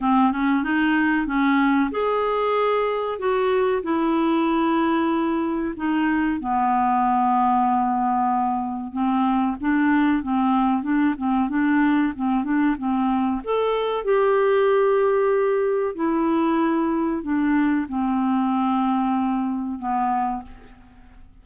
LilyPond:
\new Staff \with { instrumentName = "clarinet" } { \time 4/4 \tempo 4 = 94 c'8 cis'8 dis'4 cis'4 gis'4~ | gis'4 fis'4 e'2~ | e'4 dis'4 b2~ | b2 c'4 d'4 |
c'4 d'8 c'8 d'4 c'8 d'8 | c'4 a'4 g'2~ | g'4 e'2 d'4 | c'2. b4 | }